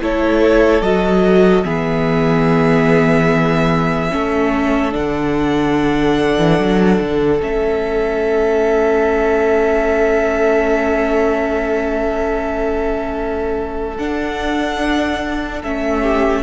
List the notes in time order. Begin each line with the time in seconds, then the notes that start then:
0.00 A3 E4 A4 C#5
0.81 F#3 F#4 D#5
1.64 E3 B3 G#4 E5
4.10 A3 C#4 A4
4.92 D3 D4 F#5
6.38 E3
6.58 F#3
7.00 D3
7.40 A3 C#4 E5
13.97 D4 F#5
15.63 A3 C#4 E5
16.02 G4